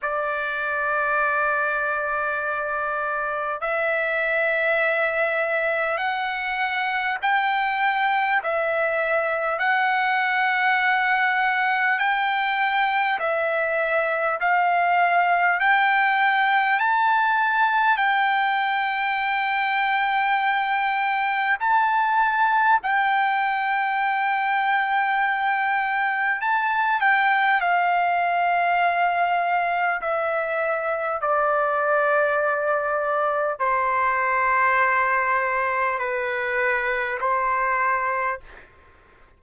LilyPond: \new Staff \with { instrumentName = "trumpet" } { \time 4/4 \tempo 4 = 50 d''2. e''4~ | e''4 fis''4 g''4 e''4 | fis''2 g''4 e''4 | f''4 g''4 a''4 g''4~ |
g''2 a''4 g''4~ | g''2 a''8 g''8 f''4~ | f''4 e''4 d''2 | c''2 b'4 c''4 | }